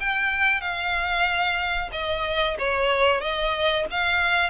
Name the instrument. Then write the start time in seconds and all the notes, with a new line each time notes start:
violin
0.00 G5
0.61 F5
1.92 D#5
2.59 C#5
3.21 D#5
3.91 F5